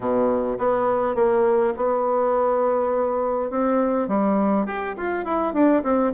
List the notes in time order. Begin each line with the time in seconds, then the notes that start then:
0.00 B2
0.58 B3
1.15 A#3
1.76 B3
3.50 C4
4.08 G3
4.66 G4
4.96 F4
5.25 E4
5.53 D4
5.83 C4